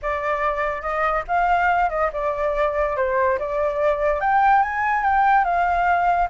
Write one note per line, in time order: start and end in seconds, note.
0.02 0.81 D5
0.81 1.23 D#5
1.27 1.89 F5
1.89 2.10 D#5
2.12 2.96 D5
2.96 3.38 C5
3.39 4.20 D5
4.20 4.62 G5
4.62 5.03 G#5
5.03 5.44 G5
5.44 6.28 F5